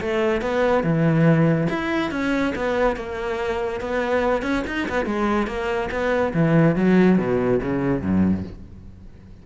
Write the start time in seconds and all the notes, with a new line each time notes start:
0.00 A3
0.41 B3
0.83 E3
1.69 E4
2.10 C#4
2.55 B3
2.96 A#3
3.80 B3
4.42 C#4
4.67 D#4
4.88 B3
5.05 G#3
5.47 A#3
5.90 B3
6.33 E3
6.75 F#3
7.18 B2
7.62 C#3
8.01 F#2